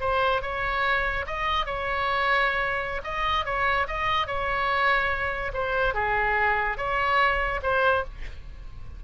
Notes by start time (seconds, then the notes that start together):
0.00 C5
0.42 C#5
1.27 D#5
1.66 C#5
3.04 D#5
3.45 C#5
3.87 D#5
4.27 C#5
5.53 C5
5.94 G#4
6.77 C#5
7.63 C5